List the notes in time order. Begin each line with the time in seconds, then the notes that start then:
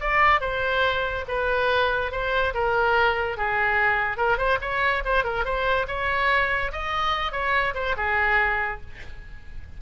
0.00 D5
0.40 C5
1.28 B4
2.11 C5
2.54 A#4
3.37 G#4
4.17 A#4
4.37 C5
4.61 C#5
5.04 C5
5.24 A#4
5.44 C5
5.87 C#5
6.72 D#5
7.32 C#5
7.74 C5
7.97 G#4